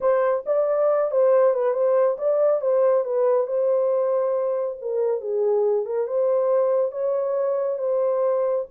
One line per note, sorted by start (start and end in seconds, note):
0.00 0.44 C5
0.46 1.11 D5
1.11 1.54 C5
1.54 1.73 B4
1.73 2.16 C5
2.17 2.61 D5
2.61 3.04 C5
3.04 3.46 B4
3.46 4.77 C5
4.81 5.21 A#4
5.21 5.85 G#4
5.85 6.07 A#4
6.07 6.91 C5
6.91 7.78 C#5
7.78 8.65 C5